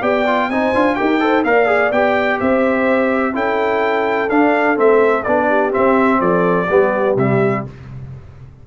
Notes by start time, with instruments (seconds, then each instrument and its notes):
0.00 tuba B3, trombone G4, horn D5, trumpet G5
0.26 trombone F4
0.48 tuba C4, trombone D#4, horn C5, trumpet G#5
0.74 tuba D4, trombone F4
0.95 tuba D#4, trombone G4, horn A#4, trumpet G5
1.20 trombone A4, horn C5
1.44 tuba A#3, trombone A#4, horn D5, trumpet F5
1.66 trombone G#4
1.91 tuba B3, trombone G4, trumpet G5
2.40 tuba C4, horn C5, trumpet E5
3.33 tuba C#4, trombone E4, horn A4, trumpet G5
4.29 tuba D4, trombone D4, trumpet F5
4.76 tuba A3, trombone C4, trumpet E5
5.23 tuba B3, trombone D4, trumpet D5
5.48 horn G4
5.71 trombone C4, tuba C4, trumpet E5
6.20 tuba F3, horn A4, trumpet D5
6.70 tuba G3, trombone B3, horn G4
7.16 tuba C3, trombone G3, trumpet E5